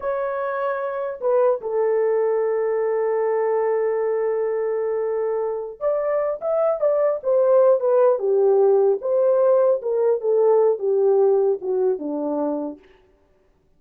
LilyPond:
\new Staff \with { instrumentName = "horn" } { \time 4/4 \tempo 4 = 150 cis''2. b'4 | a'1~ | a'1~ | a'2~ a'8 d''4. |
e''4 d''4 c''4. b'8~ | b'8 g'2 c''4.~ | c''8 ais'4 a'4. g'4~ | g'4 fis'4 d'2 | }